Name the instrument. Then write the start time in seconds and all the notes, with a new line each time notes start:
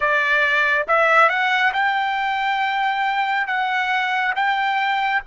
trumpet
0.00 D5
0.87 E5
1.28 F#5
1.73 G5
3.47 F#5
4.35 G5